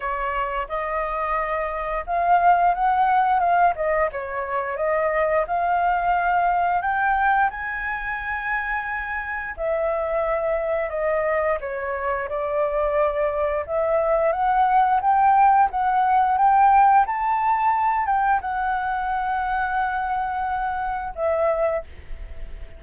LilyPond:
\new Staff \with { instrumentName = "flute" } { \time 4/4 \tempo 4 = 88 cis''4 dis''2 f''4 | fis''4 f''8 dis''8 cis''4 dis''4 | f''2 g''4 gis''4~ | gis''2 e''2 |
dis''4 cis''4 d''2 | e''4 fis''4 g''4 fis''4 | g''4 a''4. g''8 fis''4~ | fis''2. e''4 | }